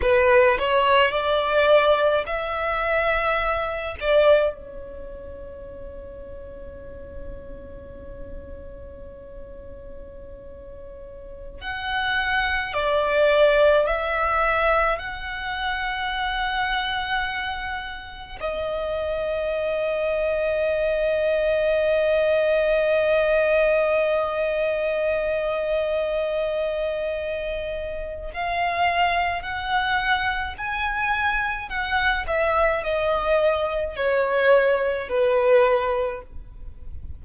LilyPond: \new Staff \with { instrumentName = "violin" } { \time 4/4 \tempo 4 = 53 b'8 cis''8 d''4 e''4. d''8 | cis''1~ | cis''2~ cis''16 fis''4 d''8.~ | d''16 e''4 fis''2~ fis''8.~ |
fis''16 dis''2.~ dis''8.~ | dis''1~ | dis''4 f''4 fis''4 gis''4 | fis''8 e''8 dis''4 cis''4 b'4 | }